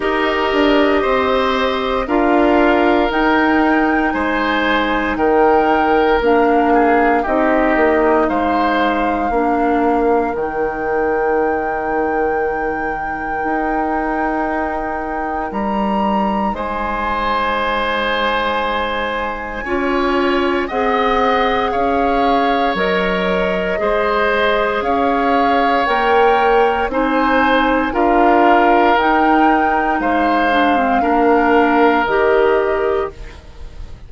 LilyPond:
<<
  \new Staff \with { instrumentName = "flute" } { \time 4/4 \tempo 4 = 58 dis''2 f''4 g''4 | gis''4 g''4 f''4 dis''4 | f''2 g''2~ | g''2. ais''4 |
gis''1 | fis''4 f''4 dis''2 | f''4 g''4 gis''4 f''4 | g''4 f''2 dis''4 | }
  \new Staff \with { instrumentName = "oboe" } { \time 4/4 ais'4 c''4 ais'2 | c''4 ais'4. gis'8 g'4 | c''4 ais'2.~ | ais'1 |
c''2. cis''4 | dis''4 cis''2 c''4 | cis''2 c''4 ais'4~ | ais'4 c''4 ais'2 | }
  \new Staff \with { instrumentName = "clarinet" } { \time 4/4 g'2 f'4 dis'4~ | dis'2 d'4 dis'4~ | dis'4 d'4 dis'2~ | dis'1~ |
dis'2. f'4 | gis'2 ais'4 gis'4~ | gis'4 ais'4 dis'4 f'4 | dis'4. d'16 c'16 d'4 g'4 | }
  \new Staff \with { instrumentName = "bassoon" } { \time 4/4 dis'8 d'8 c'4 d'4 dis'4 | gis4 dis4 ais4 c'8 ais8 | gis4 ais4 dis2~ | dis4 dis'2 g4 |
gis2. cis'4 | c'4 cis'4 fis4 gis4 | cis'4 ais4 c'4 d'4 | dis'4 gis4 ais4 dis4 | }
>>